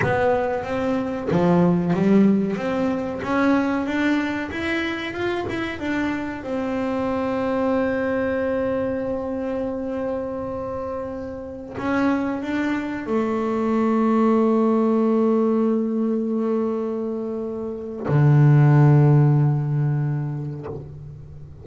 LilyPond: \new Staff \with { instrumentName = "double bass" } { \time 4/4 \tempo 4 = 93 b4 c'4 f4 g4 | c'4 cis'4 d'4 e'4 | f'8 e'8 d'4 c'2~ | c'1~ |
c'2~ c'16 cis'4 d'8.~ | d'16 a2.~ a8.~ | a1 | d1 | }